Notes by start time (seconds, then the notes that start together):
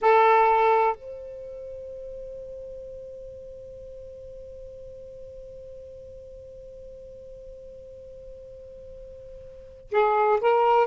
0.01 A4
0.95 C5
9.91 G#4
10.40 A#4